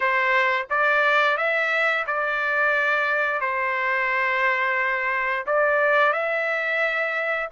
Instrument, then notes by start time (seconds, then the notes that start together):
trumpet
0.00 C5
0.69 D5
1.37 E5
2.06 D5
3.41 C5
5.46 D5
6.12 E5